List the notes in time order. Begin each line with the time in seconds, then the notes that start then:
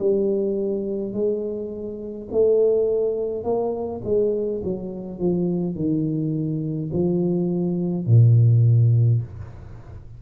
0.00 G3
1.13 G#3
2.32 A3
3.44 A#3
4.04 G#3
4.64 F#3
5.19 F3
5.76 D#3
6.93 F3
8.07 A#2